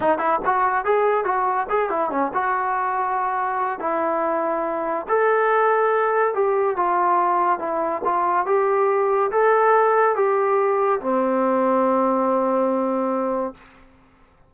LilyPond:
\new Staff \with { instrumentName = "trombone" } { \time 4/4 \tempo 4 = 142 dis'8 e'8 fis'4 gis'4 fis'4 | gis'8 e'8 cis'8 fis'2~ fis'8~ | fis'4 e'2. | a'2. g'4 |
f'2 e'4 f'4 | g'2 a'2 | g'2 c'2~ | c'1 | }